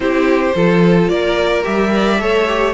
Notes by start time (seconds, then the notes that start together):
0.00 C4 E4 G4 C5
0.54 F3 F4 A4
1.08 A#3 A#4 D5
1.62 G3 G4 E5
1.90 A#4 D5
2.19 A3 A4 C#5
2.47 G4